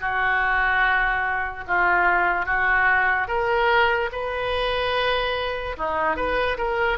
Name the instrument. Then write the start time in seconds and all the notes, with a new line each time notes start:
oboe
0.00 F#4
1.67 F4
2.45 F#4
3.27 A#4
4.12 B4
5.77 D#4
6.16 B4
6.58 A#4